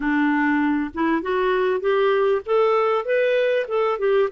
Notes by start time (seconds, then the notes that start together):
0.00 D4
0.94 E4
1.21 F#4
1.80 G4
2.45 A4
3.05 B4
3.68 A4
3.98 G4